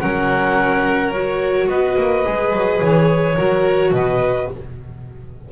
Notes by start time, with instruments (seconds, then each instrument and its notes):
0.00 double bass F#3, viola C#4, violin A#4, clarinet F#5
1.11 viola F#4, clarinet C#5
1.68 double bass B3, violin B4, clarinet D#5
1.97 double bass A#3
2.25 double bass G#3, viola G#4
2.53 double bass F#3
2.81 double bass E3, clarinet C#5
3.35 double bass F#3, viola F#4, violin A#4
3.92 double bass B2, violin B4, clarinet D#5